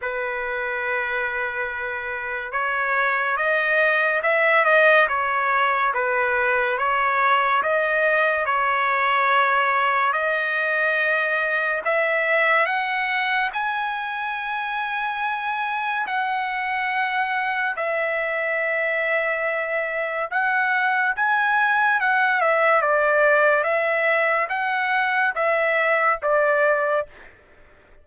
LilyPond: \new Staff \with { instrumentName = "trumpet" } { \time 4/4 \tempo 4 = 71 b'2. cis''4 | dis''4 e''8 dis''8 cis''4 b'4 | cis''4 dis''4 cis''2 | dis''2 e''4 fis''4 |
gis''2. fis''4~ | fis''4 e''2. | fis''4 gis''4 fis''8 e''8 d''4 | e''4 fis''4 e''4 d''4 | }